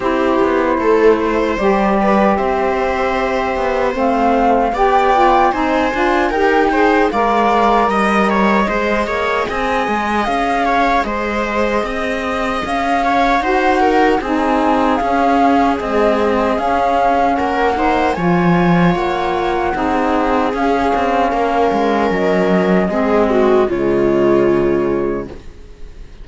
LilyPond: <<
  \new Staff \with { instrumentName = "flute" } { \time 4/4 \tempo 4 = 76 c''2 d''4 e''4~ | e''4 f''4 g''4 gis''4 | g''4 f''4 dis''2 | gis''4 f''4 dis''2 |
f''4 fis''4 gis''4 f''4 | dis''4 f''4 fis''4 gis''4 | fis''2 f''2 | dis''2 cis''2 | }
  \new Staff \with { instrumentName = "viola" } { \time 4/4 g'4 a'8 c''4 b'8 c''4~ | c''2 d''4 c''4 | ais'8 c''8 d''4 dis''8 cis''8 c''8 cis''8 | dis''4. cis''8 c''4 dis''4~ |
dis''8 cis''8 c''8 ais'8 gis'2~ | gis'2 ais'8 c''8 cis''4~ | cis''4 gis'2 ais'4~ | ais'4 gis'8 fis'8 f'2 | }
  \new Staff \with { instrumentName = "saxophone" } { \time 4/4 e'2 g'2~ | g'4 c'4 g'8 f'8 dis'8 f'8 | g'8 gis'8 ais'2 gis'4~ | gis'1~ |
gis'4 fis'4 dis'4 cis'4 | gis4 cis'4. dis'8 f'4~ | f'4 dis'4 cis'2~ | cis'4 c'4 gis2 | }
  \new Staff \with { instrumentName = "cello" } { \time 4/4 c'8 b8 a4 g4 c'4~ | c'8 b8 a4 b4 c'8 d'8 | dis'4 gis4 g4 gis8 ais8 | c'8 gis8 cis'4 gis4 c'4 |
cis'4 dis'4 c'4 cis'4 | c'4 cis'4 ais4 f4 | ais4 c'4 cis'8 c'8 ais8 gis8 | fis4 gis4 cis2 | }
>>